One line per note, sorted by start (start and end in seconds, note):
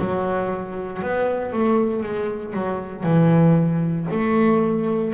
0.00 1.03 F#3
1.03 1.53 B3
1.53 2.03 A3
2.03 2.53 G#3
2.53 3.04 F#3
3.04 4.07 E3
4.11 5.14 A3